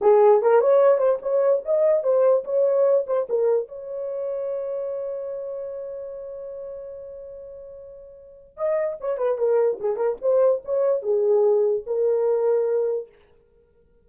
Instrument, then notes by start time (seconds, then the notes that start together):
horn
0.01 G#4
0.42 A#4
0.60 C#5
0.98 C5
1.21 C#5
1.65 D#5
2.03 C5
2.44 C#5
3.06 C5
3.29 A#4
3.68 C#5
8.57 D#5
9.00 C#5
9.17 B4
9.38 A#4
9.79 G#4
9.96 A#4
10.21 C5
10.64 C#5
11.02 G#4
11.86 A#4